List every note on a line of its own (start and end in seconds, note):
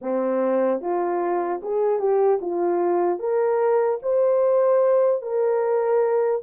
0.01 0.80 C4
0.80 1.60 F4
1.62 1.99 G#4
1.99 2.39 G4
2.41 3.19 F4
3.19 3.99 A#4
4.02 5.21 C5
5.21 6.41 A#4